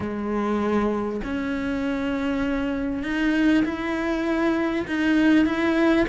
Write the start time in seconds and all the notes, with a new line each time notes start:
0.00 G#3
1.24 C#4
3.03 D#4
3.64 E4
4.87 D#4
5.45 E4